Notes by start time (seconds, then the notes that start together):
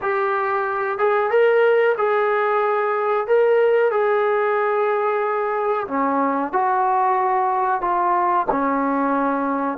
0.01 G4
0.98 G#4
1.30 A#4
1.97 G#4
3.27 A#4
3.91 G#4
5.87 C#4
6.52 F#4
7.81 F4
8.50 C#4